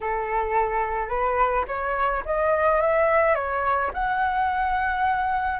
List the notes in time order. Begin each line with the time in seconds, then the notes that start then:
0.01 A4
1.08 B4
1.67 C#5
2.25 D#5
2.81 E5
3.34 C#5
3.93 F#5